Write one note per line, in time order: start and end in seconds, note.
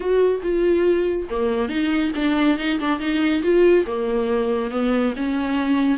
0.00 0.41 F#4
0.42 1.28 F4
1.30 1.68 A#3
1.68 2.11 D#4
2.15 2.57 D4
2.57 2.79 D#4
2.79 2.99 D4
2.99 3.42 D#4
3.42 3.85 F4
3.86 4.70 A#3
4.70 5.13 B3
5.16 5.98 C#4